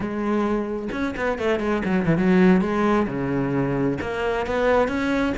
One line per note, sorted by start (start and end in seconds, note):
0.00 0.88 G#3
0.92 1.14 C#4
1.16 1.38 B3
1.38 1.59 A3
1.59 1.82 G#3
1.85 2.05 F#3
2.05 2.17 E3
2.17 2.61 F#3
2.61 3.06 G#3
3.07 3.98 C#3
4.01 4.46 A#3
4.46 4.87 B3
4.87 5.33 C#4